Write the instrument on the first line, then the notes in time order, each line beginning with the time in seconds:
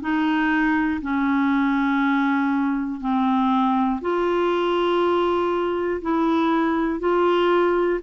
clarinet
0.00 D#4
1.01 C#4
3.00 C4
4.01 F4
6.01 E4
6.99 F4